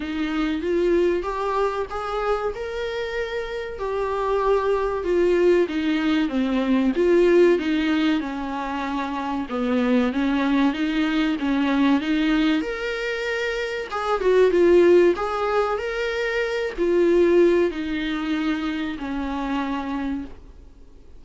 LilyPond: \new Staff \with { instrumentName = "viola" } { \time 4/4 \tempo 4 = 95 dis'4 f'4 g'4 gis'4 | ais'2 g'2 | f'4 dis'4 c'4 f'4 | dis'4 cis'2 b4 |
cis'4 dis'4 cis'4 dis'4 | ais'2 gis'8 fis'8 f'4 | gis'4 ais'4. f'4. | dis'2 cis'2 | }